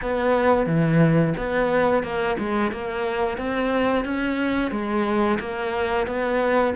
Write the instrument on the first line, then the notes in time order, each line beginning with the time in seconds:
cello
0.01 B3
0.66 E3
1.37 B3
2.03 A#3
2.38 G#3
2.72 A#3
3.37 C4
4.04 C#4
4.71 G#3
5.39 A#3
6.06 B3